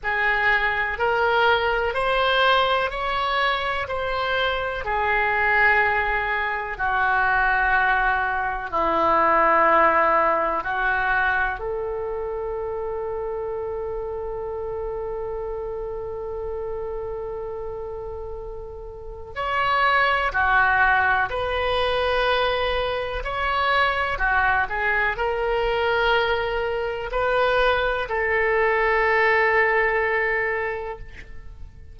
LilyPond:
\new Staff \with { instrumentName = "oboe" } { \time 4/4 \tempo 4 = 62 gis'4 ais'4 c''4 cis''4 | c''4 gis'2 fis'4~ | fis'4 e'2 fis'4 | a'1~ |
a'1 | cis''4 fis'4 b'2 | cis''4 fis'8 gis'8 ais'2 | b'4 a'2. | }